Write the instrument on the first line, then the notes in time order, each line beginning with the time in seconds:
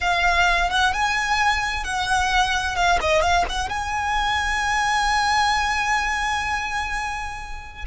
violin
0.01 F5
0.70 F#5
0.93 G#5
1.84 F#5
2.75 F5
3.00 D#5
3.21 F5
3.49 F#5
3.69 G#5